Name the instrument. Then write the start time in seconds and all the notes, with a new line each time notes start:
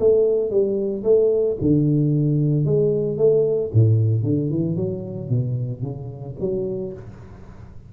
tuba
0.00 A3
0.50 G3
1.04 A3
1.61 D3
2.65 G#3
3.18 A3
3.73 A2
4.24 D3
4.50 E3
4.76 F#3
5.30 B2
5.82 C#3
6.40 F#3